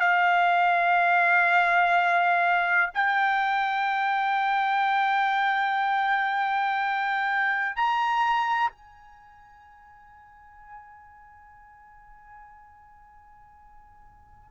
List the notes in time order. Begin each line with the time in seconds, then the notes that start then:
0.00 F5
2.94 G5
7.76 A#5
8.71 G#5